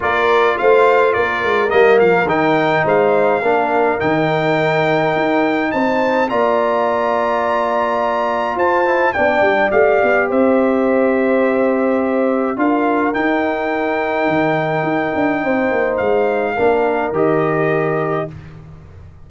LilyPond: <<
  \new Staff \with { instrumentName = "trumpet" } { \time 4/4 \tempo 4 = 105 d''4 f''4 d''4 dis''8 f''8 | g''4 f''2 g''4~ | g''2 a''4 ais''4~ | ais''2. a''4 |
g''4 f''4 e''2~ | e''2 f''4 g''4~ | g''1 | f''2 dis''2 | }
  \new Staff \with { instrumentName = "horn" } { \time 4/4 ais'4 c''4 ais'2~ | ais'4 c''4 ais'2~ | ais'2 c''4 d''4~ | d''2. c''4 |
d''2 c''2~ | c''2 ais'2~ | ais'2. c''4~ | c''4 ais'2. | }
  \new Staff \with { instrumentName = "trombone" } { \time 4/4 f'2. ais4 | dis'2 d'4 dis'4~ | dis'2. f'4~ | f'2.~ f'8 e'8 |
d'4 g'2.~ | g'2 f'4 dis'4~ | dis'1~ | dis'4 d'4 g'2 | }
  \new Staff \with { instrumentName = "tuba" } { \time 4/4 ais4 a4 ais8 gis8 g8 f8 | dis4 gis4 ais4 dis4~ | dis4 dis'4 c'4 ais4~ | ais2. f'4 |
b8 g8 a8 b8 c'2~ | c'2 d'4 dis'4~ | dis'4 dis4 dis'8 d'8 c'8 ais8 | gis4 ais4 dis2 | }
>>